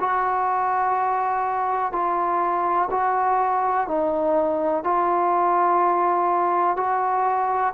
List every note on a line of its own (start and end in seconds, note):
0.00 1.93 F#4
1.93 2.89 F4
2.91 3.88 F#4
3.88 4.84 D#4
4.84 6.77 F4
6.77 7.74 F#4